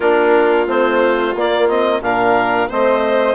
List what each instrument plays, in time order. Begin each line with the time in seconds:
0.00 bassoon A#3, trombone D4, violin F4, clarinet A#4
0.66 bassoon A3, trombone C4, clarinet C5
1.34 bassoon A#3, trombone A#3, clarinet D5
1.68 trombone C4, clarinet D#5
2.00 bassoon A#2, trombone D4, violin A#4, clarinet F5
2.69 bassoon A3, trombone C4, violin C5, clarinet D#5